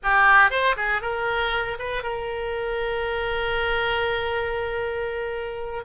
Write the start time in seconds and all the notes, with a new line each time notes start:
0.03 G4
0.50 C5
0.76 G#4
1.01 A#4
1.78 B4
2.02 A#4